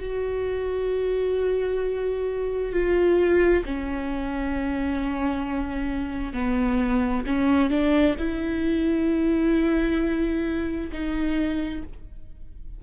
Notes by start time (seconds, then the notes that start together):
0.00 F#4
2.73 F4
3.65 C#4
6.33 B3
7.26 C#4
7.70 D4
8.19 E4
10.92 D#4